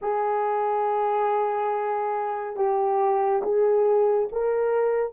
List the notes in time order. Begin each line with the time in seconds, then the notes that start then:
0.01 G#4
2.56 G4
3.42 G#4
4.31 A#4